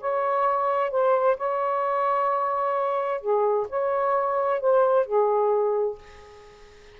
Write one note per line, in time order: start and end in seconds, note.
0.00 0.90 C#5
0.90 1.37 C5
1.37 3.20 C#5
3.20 3.67 G#4
3.69 4.60 C#5
4.60 5.06 C5
5.06 5.98 G#4